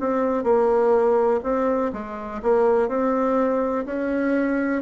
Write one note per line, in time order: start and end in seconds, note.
0.00 0.44 C4
0.44 1.40 A#3
1.43 1.92 C4
1.93 2.41 G#3
2.42 2.89 A#3
2.89 3.85 C4
3.86 4.82 C#4